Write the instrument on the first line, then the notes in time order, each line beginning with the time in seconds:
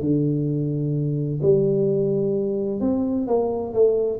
tuba
0.00 D3
1.42 G3
2.80 C4
3.27 A#3
3.73 A3